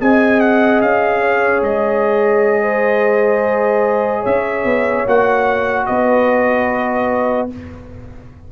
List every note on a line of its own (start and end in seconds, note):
0.00 0.82 C4
0.00 5.07 G#4
0.00 1.22 D#5
0.00 0.40 G#5
0.40 0.81 F#5
0.82 1.62 C#4
0.82 1.63 F5
1.22 2.63 C#5
1.62 4.26 G#3
1.62 4.26 D#5
2.63 4.21 C5
4.21 4.65 C#4
4.21 5.83 C#5
4.21 5.07 E5
4.65 5.06 B3
5.07 5.88 A#3
5.07 7.50 F#4
5.07 5.87 F#5
5.87 7.52 B3
5.87 7.51 B4
5.87 7.49 D#5